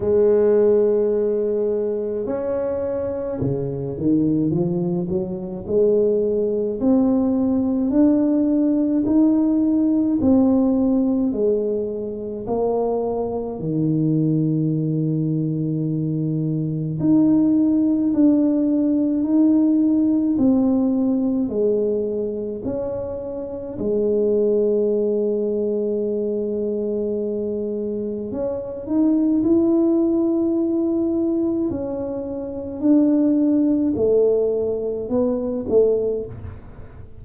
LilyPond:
\new Staff \with { instrumentName = "tuba" } { \time 4/4 \tempo 4 = 53 gis2 cis'4 cis8 dis8 | f8 fis8 gis4 c'4 d'4 | dis'4 c'4 gis4 ais4 | dis2. dis'4 |
d'4 dis'4 c'4 gis4 | cis'4 gis2.~ | gis4 cis'8 dis'8 e'2 | cis'4 d'4 a4 b8 a8 | }